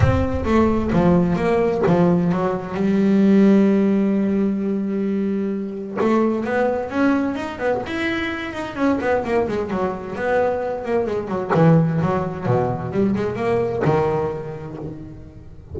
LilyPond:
\new Staff \with { instrumentName = "double bass" } { \time 4/4 \tempo 4 = 130 c'4 a4 f4 ais4 | f4 fis4 g2~ | g1~ | g4 a4 b4 cis'4 |
dis'8 b8 e'4. dis'8 cis'8 b8 | ais8 gis8 fis4 b4. ais8 | gis8 fis8 e4 fis4 b,4 | g8 gis8 ais4 dis2 | }